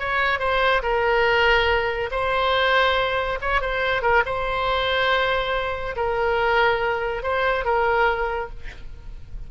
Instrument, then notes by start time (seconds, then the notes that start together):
oboe
0.00 C#5
0.40 C5
0.83 A#4
2.11 C5
3.41 C#5
3.62 C5
4.02 A#4
4.26 C5
5.96 A#4
7.23 C5
7.65 A#4